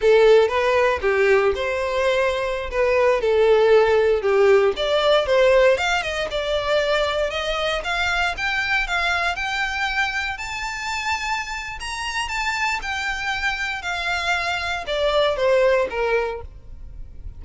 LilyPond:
\new Staff \with { instrumentName = "violin" } { \time 4/4 \tempo 4 = 117 a'4 b'4 g'4 c''4~ | c''4~ c''16 b'4 a'4.~ a'16~ | a'16 g'4 d''4 c''4 f''8 dis''16~ | dis''16 d''2 dis''4 f''8.~ |
f''16 g''4 f''4 g''4.~ g''16~ | g''16 a''2~ a''8. ais''4 | a''4 g''2 f''4~ | f''4 d''4 c''4 ais'4 | }